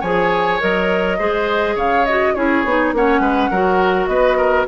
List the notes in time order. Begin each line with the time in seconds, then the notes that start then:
0.00 F3 G#4 C#5 G#5
0.59 F#3 A#4 D#5
1.18 G#3 G#4 C5
1.75 C#3 C#5 F5
2.05 F#4 D#5
2.34 C#4 E4 G#4 C#5
2.64 B3 D#4
2.92 A#3 C#4 C#5 F#5
3.19 G#3 B4
3.50 F#3 F#4 A#4
4.06 B3 B4 D#5
4.37 A#4